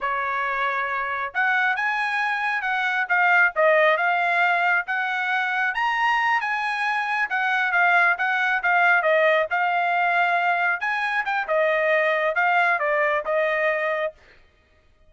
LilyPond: \new Staff \with { instrumentName = "trumpet" } { \time 4/4 \tempo 4 = 136 cis''2. fis''4 | gis''2 fis''4 f''4 | dis''4 f''2 fis''4~ | fis''4 ais''4. gis''4.~ |
gis''8 fis''4 f''4 fis''4 f''8~ | f''8 dis''4 f''2~ f''8~ | f''8 gis''4 g''8 dis''2 | f''4 d''4 dis''2 | }